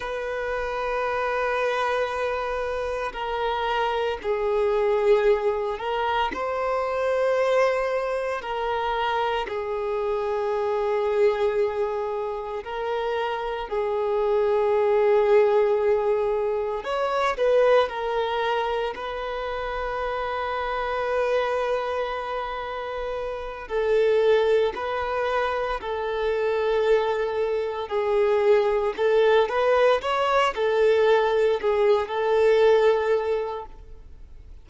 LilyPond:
\new Staff \with { instrumentName = "violin" } { \time 4/4 \tempo 4 = 57 b'2. ais'4 | gis'4. ais'8 c''2 | ais'4 gis'2. | ais'4 gis'2. |
cis''8 b'8 ais'4 b'2~ | b'2~ b'8 a'4 b'8~ | b'8 a'2 gis'4 a'8 | b'8 cis''8 a'4 gis'8 a'4. | }